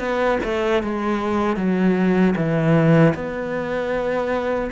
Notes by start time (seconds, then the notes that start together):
0.00 B3
0.44 A3
0.84 G#3
1.57 F#3
2.37 E3
3.15 B3